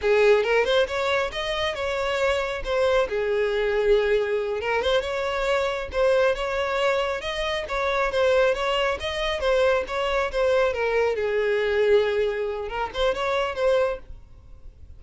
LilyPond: \new Staff \with { instrumentName = "violin" } { \time 4/4 \tempo 4 = 137 gis'4 ais'8 c''8 cis''4 dis''4 | cis''2 c''4 gis'4~ | gis'2~ gis'8 ais'8 c''8 cis''8~ | cis''4. c''4 cis''4.~ |
cis''8 dis''4 cis''4 c''4 cis''8~ | cis''8 dis''4 c''4 cis''4 c''8~ | c''8 ais'4 gis'2~ gis'8~ | gis'4 ais'8 c''8 cis''4 c''4 | }